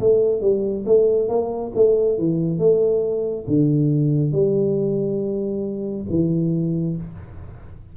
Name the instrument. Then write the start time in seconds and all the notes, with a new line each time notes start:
tuba
0.00 A3
0.42 G3
0.86 A3
1.29 A#3
1.75 A3
2.19 E3
2.59 A3
3.48 D3
4.32 G3
6.10 E3